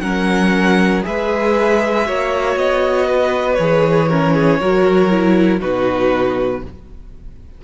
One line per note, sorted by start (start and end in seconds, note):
0.00 1.02 F#3
0.00 1.02 C#4
0.00 1.04 A#4
0.00 1.02 F#5
1.02 2.08 G#3
1.02 2.04 G#4
1.02 2.07 B4
1.02 2.57 E5
2.04 2.56 A#3
2.04 3.57 F#4
2.04 3.07 C#5
2.56 3.57 B3
2.56 3.54 D#5
3.07 4.08 B4
3.54 4.60 E3
3.54 4.10 G#4
3.54 5.57 C#5
4.08 4.60 C#4
4.08 4.34 A#4
4.34 4.59 G#4
4.59 5.62 F#3
4.59 5.10 F#4
4.59 5.60 A#4
5.10 5.60 E4
5.60 6.64 B2
5.60 6.61 D#4
5.60 6.61 F#4
5.60 6.63 B4